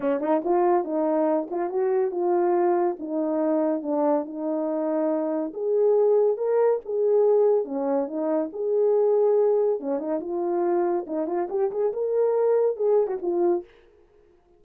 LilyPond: \new Staff \with { instrumentName = "horn" } { \time 4/4 \tempo 4 = 141 cis'8 dis'8 f'4 dis'4. f'8 | fis'4 f'2 dis'4~ | dis'4 d'4 dis'2~ | dis'4 gis'2 ais'4 |
gis'2 cis'4 dis'4 | gis'2. cis'8 dis'8 | f'2 dis'8 f'8 g'8 gis'8 | ais'2 gis'8. fis'16 f'4 | }